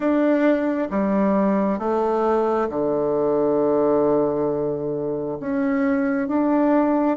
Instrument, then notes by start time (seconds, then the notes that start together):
bassoon
0.00 D4
0.90 G3
1.79 A3
2.69 D3
5.40 C#4
6.28 D4